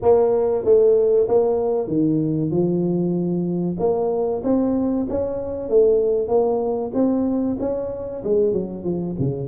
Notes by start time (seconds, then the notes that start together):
0.01 A#3
0.64 A3
1.28 A#3
1.87 D#3
2.50 F3
3.79 A#3
4.43 C4
5.09 C#4
5.69 A3
6.28 A#3
6.94 C4
7.59 C#4
8.24 G#3
8.52 F#3
8.84 F3
9.19 C#3